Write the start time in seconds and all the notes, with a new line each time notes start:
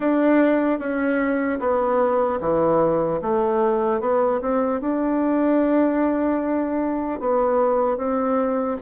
0.00 D4
0.79 C#4
1.59 B3
2.40 E3
3.21 A3
4.00 B3
4.41 C4
4.80 D4
7.20 B3
7.97 C4